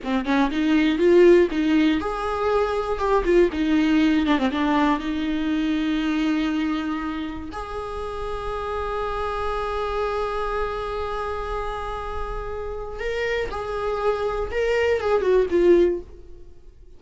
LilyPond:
\new Staff \with { instrumentName = "viola" } { \time 4/4 \tempo 4 = 120 c'8 cis'8 dis'4 f'4 dis'4 | gis'2 g'8 f'8 dis'4~ | dis'8 d'16 c'16 d'4 dis'2~ | dis'2. gis'4~ |
gis'1~ | gis'1~ | gis'2 ais'4 gis'4~ | gis'4 ais'4 gis'8 fis'8 f'4 | }